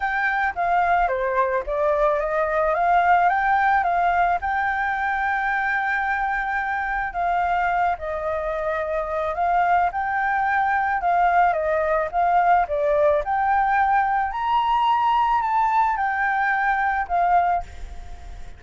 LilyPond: \new Staff \with { instrumentName = "flute" } { \time 4/4 \tempo 4 = 109 g''4 f''4 c''4 d''4 | dis''4 f''4 g''4 f''4 | g''1~ | g''4 f''4. dis''4.~ |
dis''4 f''4 g''2 | f''4 dis''4 f''4 d''4 | g''2 ais''2 | a''4 g''2 f''4 | }